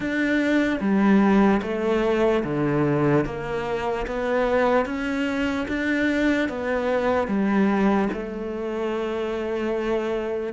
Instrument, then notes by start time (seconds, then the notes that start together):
cello
0.00 D4
0.80 G3
1.62 A3
2.44 D3
3.25 A#3
4.07 B3
4.85 C#4
5.68 D4
6.48 B3
7.27 G3
8.13 A3